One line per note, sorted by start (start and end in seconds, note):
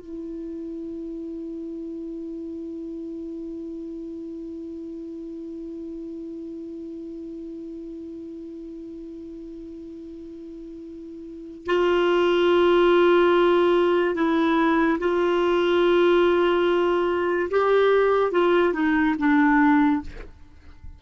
0.00 11.66 E4
11.66 14.14 F4
14.14 14.98 E4
14.99 17.49 F4
17.50 18.31 G4
18.31 18.73 F4
18.73 19.15 D#4
19.18 20.02 D4